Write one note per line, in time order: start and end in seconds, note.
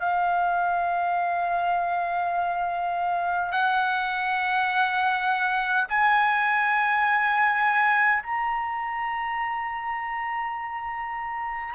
0.00 3.52 F5
3.52 5.88 F#5
5.89 8.23 G#5
8.23 11.75 A#5